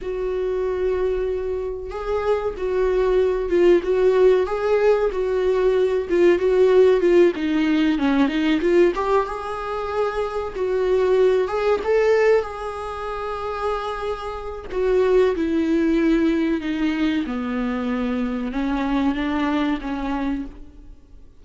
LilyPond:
\new Staff \with { instrumentName = "viola" } { \time 4/4 \tempo 4 = 94 fis'2. gis'4 | fis'4. f'8 fis'4 gis'4 | fis'4. f'8 fis'4 f'8 dis'8~ | dis'8 cis'8 dis'8 f'8 g'8 gis'4.~ |
gis'8 fis'4. gis'8 a'4 gis'8~ | gis'2. fis'4 | e'2 dis'4 b4~ | b4 cis'4 d'4 cis'4 | }